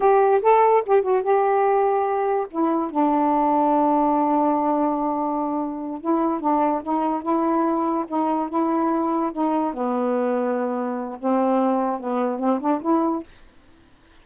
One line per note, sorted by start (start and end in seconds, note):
0.00 0.41 G4
0.41 0.83 A4
0.86 1.02 G4
1.02 1.22 F#4
1.22 2.46 G4
2.50 2.91 E4
2.91 6.01 D4
6.01 6.40 E4
6.40 6.81 D4
6.82 7.22 D#4
7.22 8.05 E4
8.07 8.49 D#4
8.49 9.31 E4
9.32 9.73 D#4
9.73 11.18 B3
11.19 11.99 C4
11.99 12.39 B3
12.39 12.59 C4
12.60 12.81 D4
12.81 13.23 E4